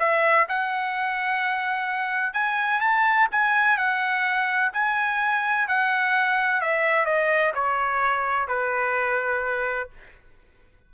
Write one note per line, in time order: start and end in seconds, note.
0.00 0.47 E5
0.49 2.34 F#5
2.34 2.81 G#5
2.81 3.28 A5
3.32 3.78 G#5
3.78 4.72 F#5
4.74 5.68 G#5
5.68 6.62 F#5
6.62 7.06 E5
7.06 7.53 D#5
7.55 8.48 C#5
8.48 9.90 B4